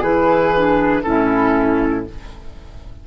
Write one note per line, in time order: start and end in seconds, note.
0.00 1.04 E3
0.00 0.55 E4
0.00 1.02 G#4
0.00 1.03 B4
0.55 1.04 D4
1.03 2.07 A2
1.03 2.06 C#4
1.03 2.07 E4
1.03 2.05 A4